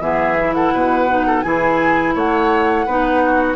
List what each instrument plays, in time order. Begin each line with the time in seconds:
0.00 bassoon E3, clarinet B3, oboe G#4, flute E5
0.39 clarinet E4
0.54 oboe A4, flute F#5
0.73 bassoon B2, oboe B4
1.09 clarinet D#4
1.27 oboe A4
1.42 bassoon E3, clarinet E4, oboe G#4, flute G#5
2.15 bassoon A3, oboe C#5, flute F#5
2.86 bassoon B3, clarinet D#4, oboe B4
3.25 oboe F#4